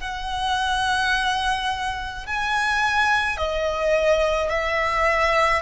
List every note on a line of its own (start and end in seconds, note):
0.00 2.26 F#5
2.26 3.37 G#5
3.37 4.50 D#5
4.50 5.62 E5